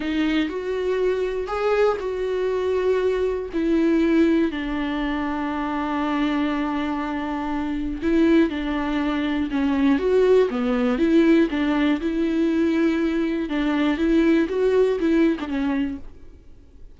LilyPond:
\new Staff \with { instrumentName = "viola" } { \time 4/4 \tempo 4 = 120 dis'4 fis'2 gis'4 | fis'2. e'4~ | e'4 d'2.~ | d'1 |
e'4 d'2 cis'4 | fis'4 b4 e'4 d'4 | e'2. d'4 | e'4 fis'4 e'8. d'16 cis'4 | }